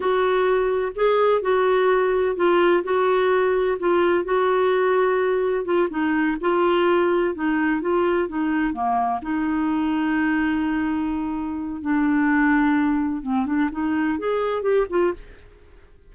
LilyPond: \new Staff \with { instrumentName = "clarinet" } { \time 4/4 \tempo 4 = 127 fis'2 gis'4 fis'4~ | fis'4 f'4 fis'2 | f'4 fis'2. | f'8 dis'4 f'2 dis'8~ |
dis'8 f'4 dis'4 ais4 dis'8~ | dis'1~ | dis'4 d'2. | c'8 d'8 dis'4 gis'4 g'8 f'8 | }